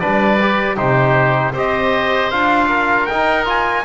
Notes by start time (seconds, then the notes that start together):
0.00 G3 D4 B4 D5
0.41 G4
0.77 C3 D#4 G4 C5
1.53 C4 G4 C5 D#5
2.31 D4 F4 F5
2.69 A#4
3.06 D#4 G5
3.46 F4 G#5